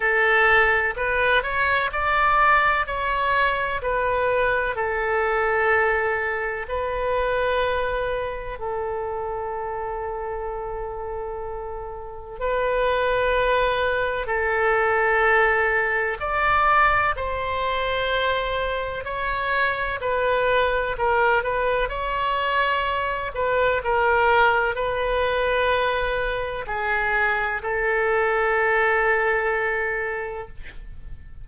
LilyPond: \new Staff \with { instrumentName = "oboe" } { \time 4/4 \tempo 4 = 63 a'4 b'8 cis''8 d''4 cis''4 | b'4 a'2 b'4~ | b'4 a'2.~ | a'4 b'2 a'4~ |
a'4 d''4 c''2 | cis''4 b'4 ais'8 b'8 cis''4~ | cis''8 b'8 ais'4 b'2 | gis'4 a'2. | }